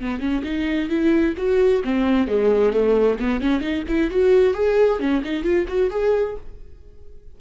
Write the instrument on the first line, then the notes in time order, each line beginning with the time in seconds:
viola
0.00 B3
0.20 C#4
0.44 D#4
0.89 E4
1.37 F#4
1.84 C4
2.27 G#3
2.73 A3
3.19 B3
3.41 C#4
3.61 D#4
3.88 E4
4.11 F#4
4.54 G#4
5.00 C#4
5.24 D#4
5.43 F4
5.68 F#4
5.90 G#4